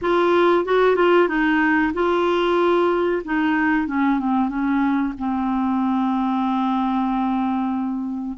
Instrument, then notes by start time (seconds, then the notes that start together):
clarinet
0.01 F4
0.65 F#4
0.96 F4
1.28 D#4
1.93 F4
3.25 D#4
3.87 C#4
4.19 C4
4.48 C#4
5.18 C4